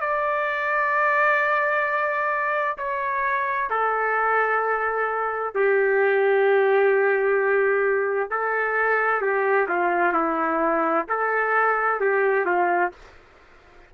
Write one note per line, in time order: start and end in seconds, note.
0.00 2.77 D5
2.77 3.70 C#5
3.70 5.54 A4
5.54 8.30 G4
8.30 9.21 A4
9.21 9.67 G4
9.68 10.13 F4
10.13 11.05 E4
11.09 12.00 A4
12.00 12.45 G4
12.45 12.91 F4